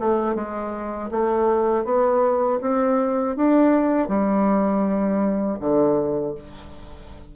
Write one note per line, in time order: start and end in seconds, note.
0.00 0.35 A3
0.35 1.10 G#3
1.11 1.85 A3
1.85 2.60 B3
2.61 3.36 C4
3.36 4.08 D4
4.08 5.58 G3
5.60 6.35 D3